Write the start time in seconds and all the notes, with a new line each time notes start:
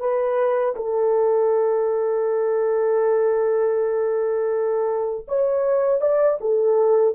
0.00 B4
0.76 A4
5.28 C#5
6.01 D5
6.41 A4